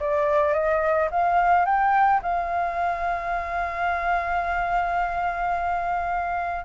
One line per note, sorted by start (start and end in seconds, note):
0.00 0.54 D5
0.54 1.09 D#5
1.11 1.66 F5
1.66 2.21 G5
2.22 6.66 F5